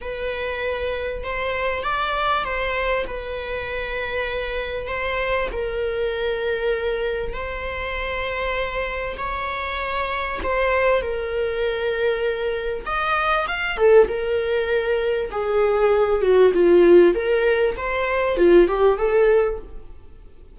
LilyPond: \new Staff \with { instrumentName = "viola" } { \time 4/4 \tempo 4 = 98 b'2 c''4 d''4 | c''4 b'2. | c''4 ais'2. | c''2. cis''4~ |
cis''4 c''4 ais'2~ | ais'4 dis''4 f''8 a'8 ais'4~ | ais'4 gis'4. fis'8 f'4 | ais'4 c''4 f'8 g'8 a'4 | }